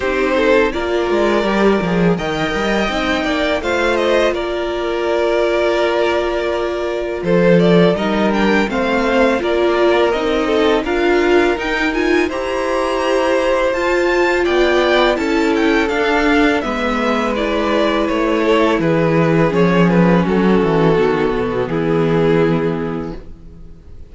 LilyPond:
<<
  \new Staff \with { instrumentName = "violin" } { \time 4/4 \tempo 4 = 83 c''4 d''2 g''4~ | g''4 f''8 dis''8 d''2~ | d''2 c''8 d''8 dis''8 g''8 | f''4 d''4 dis''4 f''4 |
g''8 gis''8 ais''2 a''4 | g''4 a''8 g''8 f''4 e''4 | d''4 cis''4 b'4 cis''8 b'8 | a'2 gis'2 | }
  \new Staff \with { instrumentName = "violin" } { \time 4/4 g'8 a'8 ais'2 dis''4~ | dis''8 d''8 c''4 ais'2~ | ais'2 a'4 ais'4 | c''4 ais'4. a'8 ais'4~ |
ais'4 c''2. | d''4 a'2 b'4~ | b'4. a'8 gis'2 | fis'2 e'2 | }
  \new Staff \with { instrumentName = "viola" } { \time 4/4 dis'4 f'4 g'8 gis'8 ais'4 | dis'4 f'2.~ | f'2. dis'8 d'8 | c'4 f'4 dis'4 f'4 |
dis'8 f'8 g'2 f'4~ | f'4 e'4 d'4 b4 | e'2. cis'4~ | cis'4 b2. | }
  \new Staff \with { instrumentName = "cello" } { \time 4/4 c'4 ais8 gis8 g8 f8 dis8 g8 | c'8 ais8 a4 ais2~ | ais2 f4 g4 | a4 ais4 c'4 d'4 |
dis'4 e'2 f'4 | b4 cis'4 d'4 gis4~ | gis4 a4 e4 f4 | fis8 e8 dis8 b,8 e2 | }
>>